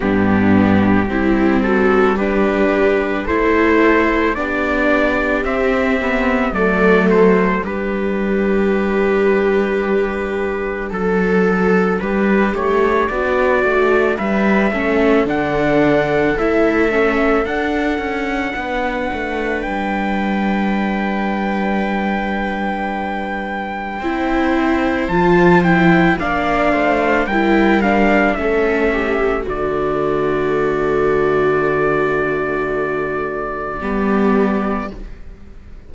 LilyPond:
<<
  \new Staff \with { instrumentName = "trumpet" } { \time 4/4 \tempo 4 = 55 g'4. a'8 b'4 c''4 | d''4 e''4 d''8 c''8 b'4~ | b'2 a'4 b'8 cis''8 | d''4 e''4 fis''4 e''4 |
fis''2 g''2~ | g''2. a''8 g''8 | f''4 g''8 f''8 e''4 d''4~ | d''1 | }
  \new Staff \with { instrumentName = "viola" } { \time 4/4 d'4 e'8 fis'8 g'4 a'4 | g'2 a'4 g'4~ | g'2 a'4 g'4 | fis'4 b'8 a'2~ a'8~ |
a'4 b'2.~ | b'2 c''2 | d''8 c''8 ais'4 a'8 g'8 fis'4~ | fis'2. g'4 | }
  \new Staff \with { instrumentName = "viola" } { \time 4/4 b4 c'4 d'4 e'4 | d'4 c'8 b8 a4 d'4~ | d'1~ | d'4. cis'8 d'4 e'8 cis'8 |
d'1~ | d'2 e'4 f'8 e'8 | d'4 e'8 d'8 cis'4 a4~ | a2. b4 | }
  \new Staff \with { instrumentName = "cello" } { \time 4/4 g,4 g2 a4 | b4 c'4 fis4 g4~ | g2 fis4 g8 a8 | b8 a8 g8 a8 d4 a4 |
d'8 cis'8 b8 a8 g2~ | g2 c'4 f4 | ais8 a8 g4 a4 d4~ | d2. g4 | }
>>